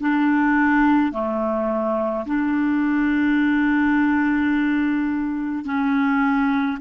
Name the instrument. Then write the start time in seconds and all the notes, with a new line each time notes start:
clarinet
0.00 D4
1.12 A3
2.26 D4
5.65 C#4